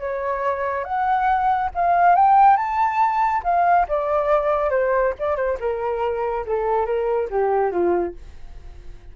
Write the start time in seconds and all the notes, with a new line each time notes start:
0.00 C#5
0.84 F#5
1.75 F5
2.15 G5
2.57 A5
3.44 F5
3.88 D5
4.70 C5
5.19 D5
5.36 C5
5.60 A#4
6.46 A4
6.86 A#4
7.30 G4
7.71 F4